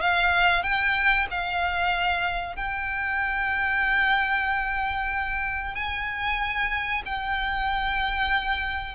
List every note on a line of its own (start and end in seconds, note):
0.00 0.63 F5
0.63 1.26 G5
1.30 2.55 F5
2.55 5.74 G5
5.75 7.02 G#5
7.05 8.95 G5